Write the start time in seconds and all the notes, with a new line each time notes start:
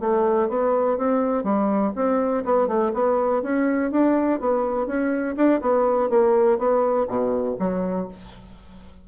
0.00 A3
0.49 B3
0.98 C4
1.43 G3
1.95 C4
2.45 B3
2.68 A3
2.93 B3
3.42 C#4
3.91 D4
4.40 B3
4.87 C#4
5.36 D4
5.61 B3
6.10 A#3
6.58 B3
7.08 B2
7.59 F#3